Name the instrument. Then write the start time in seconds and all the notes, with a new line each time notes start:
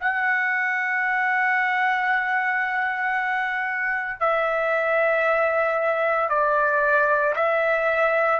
trumpet
0.00 F#5
4.20 E5
6.29 D5
7.35 E5